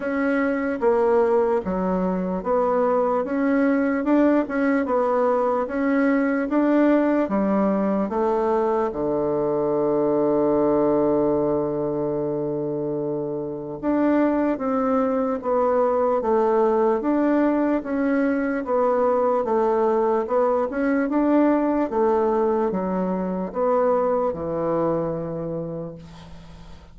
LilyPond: \new Staff \with { instrumentName = "bassoon" } { \time 4/4 \tempo 4 = 74 cis'4 ais4 fis4 b4 | cis'4 d'8 cis'8 b4 cis'4 | d'4 g4 a4 d4~ | d1~ |
d4 d'4 c'4 b4 | a4 d'4 cis'4 b4 | a4 b8 cis'8 d'4 a4 | fis4 b4 e2 | }